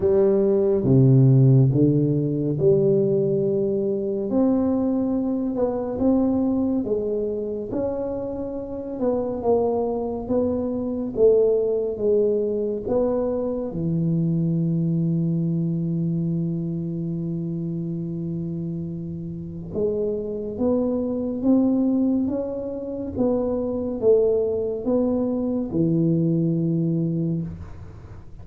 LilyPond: \new Staff \with { instrumentName = "tuba" } { \time 4/4 \tempo 4 = 70 g4 c4 d4 g4~ | g4 c'4. b8 c'4 | gis4 cis'4. b8 ais4 | b4 a4 gis4 b4 |
e1~ | e2. gis4 | b4 c'4 cis'4 b4 | a4 b4 e2 | }